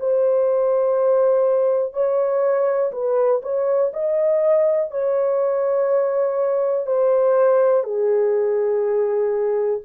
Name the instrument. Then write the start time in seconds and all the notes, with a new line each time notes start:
horn
0.00 C5
1.94 C#5
2.92 B4
3.42 C#5
3.93 D#5
4.91 C#5
6.86 C5
7.84 G#4